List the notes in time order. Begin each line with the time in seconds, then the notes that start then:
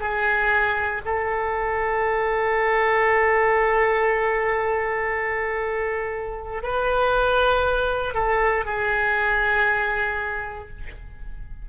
0.00 G#4
1.05 A4
6.63 B4
8.14 A4
8.65 G#4